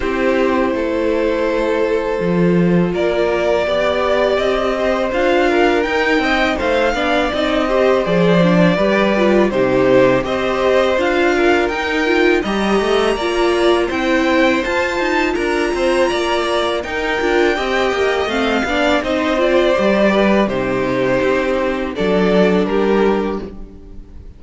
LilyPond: <<
  \new Staff \with { instrumentName = "violin" } { \time 4/4 \tempo 4 = 82 c''1 | d''2 dis''4 f''4 | g''4 f''4 dis''4 d''4~ | d''4 c''4 dis''4 f''4 |
g''4 ais''2 g''4 | a''4 ais''2 g''4~ | g''4 f''4 dis''8 d''4. | c''2 d''4 ais'4 | }
  \new Staff \with { instrumentName = "violin" } { \time 4/4 g'4 a'2. | ais'4 d''4. c''4 ais'8~ | ais'8 dis''8 c''8 d''4 c''4. | b'4 g'4 c''4. ais'8~ |
ais'4 dis''4 d''4 c''4~ | c''4 ais'8 c''8 d''4 ais'4 | dis''4. d''8 c''4. b'8 | g'2 a'4 g'4 | }
  \new Staff \with { instrumentName = "viola" } { \time 4/4 e'2. f'4~ | f'4 g'2 f'4 | dis'4. d'8 dis'8 g'8 gis'8 d'8 | g'8 f'8 dis'4 g'4 f'4 |
dis'8 f'8 g'4 f'4 e'4 | f'2. dis'8 f'8 | g'4 c'8 d'8 dis'8 f'8 g'4 | dis'2 d'2 | }
  \new Staff \with { instrumentName = "cello" } { \time 4/4 c'4 a2 f4 | ais4 b4 c'4 d'4 | dis'8 c'8 a8 b8 c'4 f4 | g4 c4 c'4 d'4 |
dis'4 g8 a8 ais4 c'4 | f'8 dis'8 d'8 c'8 ais4 dis'8 d'8 | c'8 ais8 a8 b8 c'4 g4 | c4 c'4 fis4 g4 | }
>>